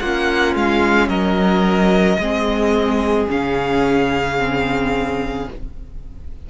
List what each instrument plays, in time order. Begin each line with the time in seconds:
0.00 cello A#3, viola C#4, violin F4 F#5
0.56 cello G#3, violin F5
1.09 cello F#3, violin A#4 D#5
2.19 cello G#3, viola C4, violin G#4
3.30 cello C#3, viola C#4, violin F5
4.39 viola C4